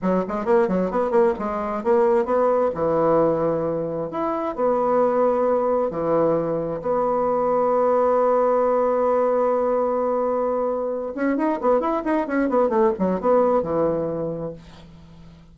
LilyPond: \new Staff \with { instrumentName = "bassoon" } { \time 4/4 \tempo 4 = 132 fis8 gis8 ais8 fis8 b8 ais8 gis4 | ais4 b4 e2~ | e4 e'4 b2~ | b4 e2 b4~ |
b1~ | b1~ | b8 cis'8 dis'8 b8 e'8 dis'8 cis'8 b8 | a8 fis8 b4 e2 | }